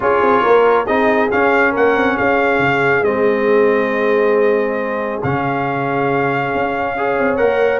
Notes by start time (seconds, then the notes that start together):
0.00 C#4 F4 G#4 C#5
0.21 C4
0.42 A#3 A#4
0.84 C4 D#4 G#4 D#5
1.30 C#4 F5
1.71 A#3 A#4 F#5
1.96 C4
2.16 C#4 G#4 F5
2.58 C#3
3.02 G#3 C4 D#5
5.23 C#3 C#4 F5
6.54 C#4
6.96 G#4 C#5
7.19 C4
7.36 A#3 A#4 F#5